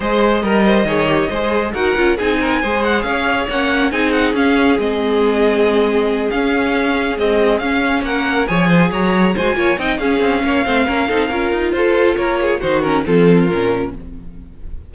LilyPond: <<
  \new Staff \with { instrumentName = "violin" } { \time 4/4 \tempo 4 = 138 dis''1 | fis''4 gis''4. fis''8 f''4 | fis''4 gis''8 fis''8 f''4 dis''4~ | dis''2~ dis''8 f''4.~ |
f''8 dis''4 f''4 fis''4 gis''8~ | gis''8 ais''4 gis''4 g''8 f''4~ | f''2. c''4 | cis''4 c''8 ais'8 a'4 ais'4 | }
  \new Staff \with { instrumentName = "violin" } { \time 4/4 c''4 ais'8 c''8 cis''4 c''4 | ais'4 gis'8 ais'8 c''4 cis''4~ | cis''4 gis'2.~ | gis'1~ |
gis'2~ gis'8 ais'4 cis''8 | c''8 cis''4 c''8 cis''8 dis''8 gis'4 | cis''8 c''8 ais'8 a'8 ais'4 a'4 | ais'8 gis'8 fis'4 f'2 | }
  \new Staff \with { instrumentName = "viola" } { \time 4/4 gis'4 ais'4 gis'8 g'8 gis'4 | fis'8 f'8 dis'4 gis'2 | cis'4 dis'4 cis'4 c'4~ | c'2~ c'8 cis'4.~ |
cis'8 gis4 cis'2 gis'8~ | gis'4. fis'8 f'8 dis'8 cis'4~ | cis'8 c'8 cis'8 dis'8 f'2~ | f'4 dis'8 cis'8 c'4 cis'4 | }
  \new Staff \with { instrumentName = "cello" } { \time 4/4 gis4 g4 dis4 gis4 | dis'8 cis'8 c'4 gis4 cis'4 | ais4 c'4 cis'4 gis4~ | gis2~ gis8 cis'4.~ |
cis'8 c'4 cis'4 ais4 f8~ | f8 fis4 gis8 ais8 c'8 cis'8 c'8 | ais8 a8 ais8 c'8 cis'8 dis'8 f'4 | ais4 dis4 f4 ais,4 | }
>>